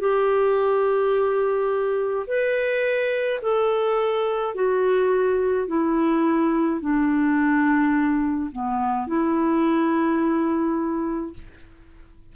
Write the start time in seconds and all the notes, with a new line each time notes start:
0.00 G4
2.27 B4
3.42 A4
4.55 F#4
5.68 E4
6.81 D4
8.52 B3
9.07 E4